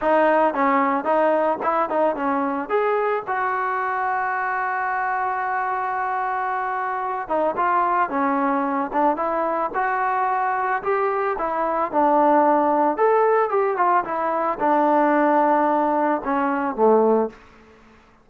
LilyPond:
\new Staff \with { instrumentName = "trombone" } { \time 4/4 \tempo 4 = 111 dis'4 cis'4 dis'4 e'8 dis'8 | cis'4 gis'4 fis'2~ | fis'1~ | fis'4. dis'8 f'4 cis'4~ |
cis'8 d'8 e'4 fis'2 | g'4 e'4 d'2 | a'4 g'8 f'8 e'4 d'4~ | d'2 cis'4 a4 | }